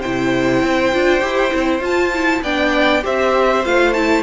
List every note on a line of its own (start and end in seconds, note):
0.00 0.63 C3
0.00 0.93 E4
0.00 2.42 C5
0.00 1.84 G5
0.63 0.93 C4
0.93 1.22 D4
0.93 1.20 F4
1.20 1.52 E4
1.20 1.51 G4
1.51 1.80 C4
1.51 1.82 E4
1.80 2.41 F4
1.80 2.12 F4
1.80 2.43 A5
2.14 2.44 E4
2.42 3.03 B3
2.42 3.02 D4
2.42 3.04 D5
2.42 3.04 G5
3.02 3.65 C4
3.02 3.63 G4
3.02 4.23 C5
3.02 3.66 E5
3.65 4.23 A3
3.65 3.95 F4
3.65 3.93 F5
3.93 4.23 E4
3.93 4.23 A5